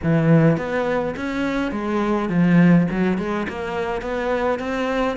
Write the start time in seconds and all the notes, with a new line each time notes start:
0.03 E3
0.57 B3
1.16 C#4
1.71 G#3
2.29 F3
2.90 F#3
3.18 G#3
3.49 A#3
4.01 B3
4.59 C4